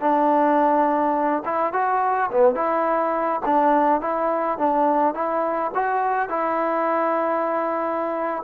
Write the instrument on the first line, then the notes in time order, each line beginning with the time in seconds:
trombone
0.00 D4
1.44 E4
1.72 F#4
2.31 B3
2.55 E4
3.45 D4
4.01 E4
4.58 D4
5.14 E4
5.74 F#4
6.29 E4